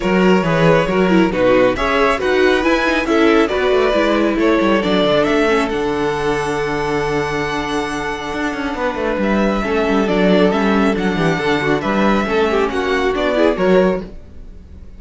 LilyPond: <<
  \new Staff \with { instrumentName = "violin" } { \time 4/4 \tempo 4 = 137 cis''2. b'4 | e''4 fis''4 gis''4 e''4 | d''2 cis''4 d''4 | e''4 fis''2.~ |
fis''1~ | fis''4 e''2 d''4 | e''4 fis''2 e''4~ | e''4 fis''4 d''4 cis''4 | }
  \new Staff \with { instrumentName = "violin" } { \time 4/4 ais'4 b'4 ais'4 fis'4 | cis''4 b'2 a'4 | b'2 a'2~ | a'1~ |
a'1 | b'2 a'2~ | a'4. g'8 a'8 fis'8 b'4 | a'8 g'8 fis'4. gis'8 ais'4 | }
  \new Staff \with { instrumentName = "viola" } { \time 4/4 fis'4 gis'4 fis'8 e'8 dis'4 | gis'4 fis'4 e'8 dis'8 e'4 | fis'4 e'2 d'4~ | d'8 cis'8 d'2.~ |
d'1~ | d'2 cis'4 d'4 | cis'4 d'2. | cis'2 d'8 e'8 fis'4 | }
  \new Staff \with { instrumentName = "cello" } { \time 4/4 fis4 e4 fis4 b,4 | cis'4 dis'4 e'4 cis'4 | b8 a8 gis4 a8 g8 fis8 d8 | a4 d2.~ |
d2. d'8 cis'8 | b8 a8 g4 a8 g8 fis4 | g4 fis8 e8 d4 g4 | a4 ais4 b4 fis4 | }
>>